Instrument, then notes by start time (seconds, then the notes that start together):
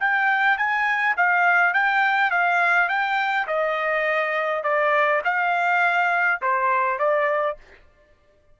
trumpet
0.00 G5
0.57 G#5
1.17 F5
1.73 G5
2.31 F5
2.89 G5
3.47 D#5
4.63 D5
5.25 F5
6.42 C5
6.99 D5